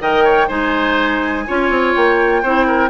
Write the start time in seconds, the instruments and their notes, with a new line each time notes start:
0.00 bassoon D#3, clarinet A#4, oboe D#5, flute G5
0.24 oboe C#5
0.48 bassoon G#3, clarinet D#4, oboe C5, flute G#5
1.47 bassoon C#4, clarinet F4, oboe C#5
1.70 bassoon C4
1.95 bassoon A#3, flute G5
2.42 bassoon C4, clarinet E4, oboe C5
2.67 oboe A#4